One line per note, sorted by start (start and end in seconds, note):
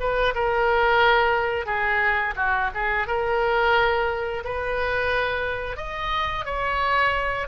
0.00 0.34 B4
0.35 1.66 A#4
1.66 2.35 G#4
2.36 2.71 F#4
2.75 3.07 G#4
3.07 4.44 A#4
4.44 5.77 B4
5.77 6.45 D#5
6.46 7.48 C#5